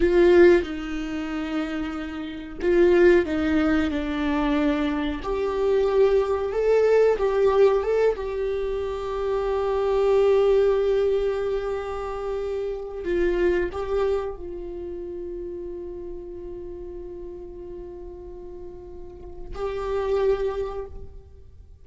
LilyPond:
\new Staff \with { instrumentName = "viola" } { \time 4/4 \tempo 4 = 92 f'4 dis'2. | f'4 dis'4 d'2 | g'2 a'4 g'4 | a'8 g'2.~ g'8~ |
g'1 | f'4 g'4 f'2~ | f'1~ | f'2 g'2 | }